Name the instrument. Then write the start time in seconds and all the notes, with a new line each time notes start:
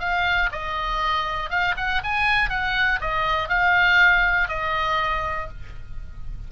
oboe
0.00 F5
0.52 D#5
1.50 F5
1.77 F#5
2.04 G#5
2.50 F#5
3.01 D#5
3.49 F5
4.49 D#5